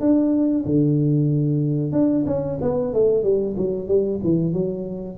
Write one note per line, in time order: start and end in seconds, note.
0.00 0.65 D4
0.65 1.92 D3
1.92 2.25 D4
2.26 2.59 C#4
2.62 2.93 B3
2.93 3.23 A3
3.23 3.56 G3
3.57 3.88 F#3
3.88 4.20 G3
4.23 4.53 E3
4.53 5.18 F#3